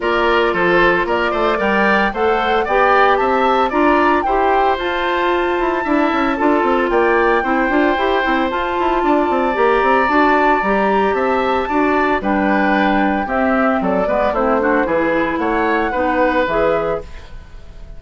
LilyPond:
<<
  \new Staff \with { instrumentName = "flute" } { \time 4/4 \tempo 4 = 113 d''4 c''4 d''4 g''4 | fis''4 g''4 a''4 ais''4 | g''4 a''2.~ | a''4 g''2. |
a''2 ais''4 a''4 | ais''4 a''2 g''4~ | g''4 e''4 d''4 c''4 | b'4 fis''2 e''4 | }
  \new Staff \with { instrumentName = "oboe" } { \time 4/4 ais'4 a'4 ais'8 c''8 d''4 | c''4 d''4 e''4 d''4 | c''2. e''4 | a'4 d''4 c''2~ |
c''4 d''2.~ | d''4 e''4 d''4 b'4~ | b'4 g'4 a'8 b'8 e'8 fis'8 | gis'4 cis''4 b'2 | }
  \new Staff \with { instrumentName = "clarinet" } { \time 4/4 f'2. ais'4 | a'4 g'2 f'4 | g'4 f'2 e'4 | f'2 e'8 f'8 g'8 e'8 |
f'2 g'4 fis'4 | g'2 fis'4 d'4~ | d'4 c'4. b8 c'8 d'8 | e'2 dis'4 gis'4 | }
  \new Staff \with { instrumentName = "bassoon" } { \time 4/4 ais4 f4 ais8 a8 g4 | a4 b4 c'4 d'4 | e'4 f'4. e'8 d'8 cis'8 | d'8 c'8 ais4 c'8 d'8 e'8 c'8 |
f'8 e'8 d'8 c'8 ais8 c'8 d'4 | g4 c'4 d'4 g4~ | g4 c'4 fis8 gis8 a4 | e4 a4 b4 e4 | }
>>